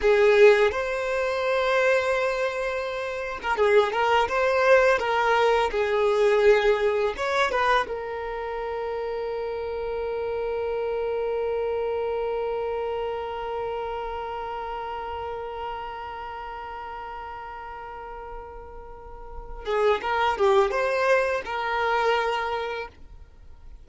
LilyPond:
\new Staff \with { instrumentName = "violin" } { \time 4/4 \tempo 4 = 84 gis'4 c''2.~ | c''8. ais'16 gis'8 ais'8 c''4 ais'4 | gis'2 cis''8 b'8 ais'4~ | ais'1~ |
ais'1~ | ais'1~ | ais'2.~ ais'8 gis'8 | ais'8 g'8 c''4 ais'2 | }